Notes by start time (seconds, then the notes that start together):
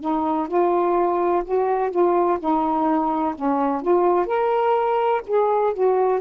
0.00 D#4
0.48 F4
1.45 F#4
1.90 F4
2.39 D#4
3.35 C#4
3.82 F4
4.26 A#4
5.27 G#4
5.74 F#4